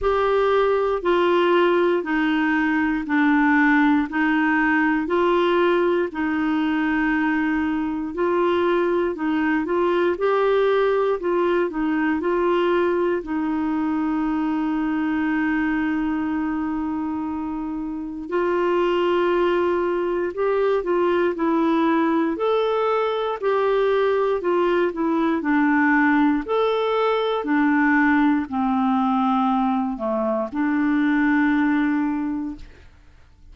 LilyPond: \new Staff \with { instrumentName = "clarinet" } { \time 4/4 \tempo 4 = 59 g'4 f'4 dis'4 d'4 | dis'4 f'4 dis'2 | f'4 dis'8 f'8 g'4 f'8 dis'8 | f'4 dis'2.~ |
dis'2 f'2 | g'8 f'8 e'4 a'4 g'4 | f'8 e'8 d'4 a'4 d'4 | c'4. a8 d'2 | }